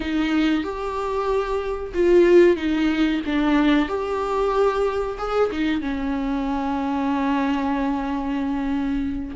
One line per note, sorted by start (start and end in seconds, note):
0.00 0.63 D#4
0.63 1.92 G4
1.94 2.56 F4
2.56 3.21 D#4
3.26 3.88 D4
3.88 5.17 G4
5.18 5.50 G#4
5.51 5.81 D#4
5.81 9.35 C#4